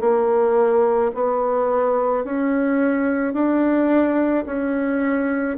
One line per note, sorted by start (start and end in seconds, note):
0.00 1.11 A#3
1.14 2.24 B3
2.24 3.33 C#4
3.33 4.44 D4
4.45 5.57 C#4